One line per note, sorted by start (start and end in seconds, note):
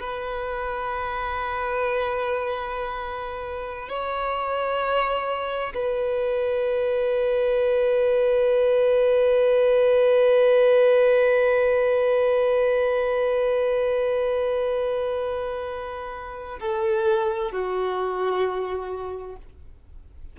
0.00 3.89 B4
3.89 5.74 C#5
5.75 16.59 B4
16.60 17.52 A4
17.52 19.36 F#4